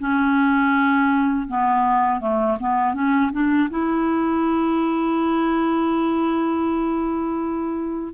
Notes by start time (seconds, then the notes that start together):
0.00 C#4
1.48 B3
2.21 A3
2.60 B3
2.95 C#4
3.33 D4
3.70 E4